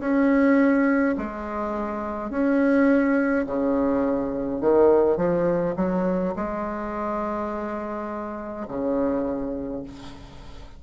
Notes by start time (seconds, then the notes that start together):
0.00 C#4
1.17 G#3
2.30 C#4
3.46 C#3
4.61 D#3
5.17 F3
5.76 F#3
6.36 G#3
8.68 C#3